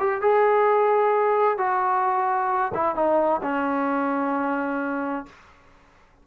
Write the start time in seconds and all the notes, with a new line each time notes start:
0.00 G4
0.22 G#4
1.58 F#4
2.75 E4
2.96 D#4
3.43 C#4